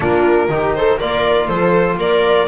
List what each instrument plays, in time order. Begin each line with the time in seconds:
0.00 double bass A#3, trombone D4, viola F4, violin A#4
0.48 double bass D#3, trombone D#4, viola G4
0.74 viola A4, violin C5
0.98 double bass A#3, trombone F4, viola A#4, violin D5
1.47 double bass F3, viola A4, violin C5
1.97 double bass A#3, viola A#4, violin D5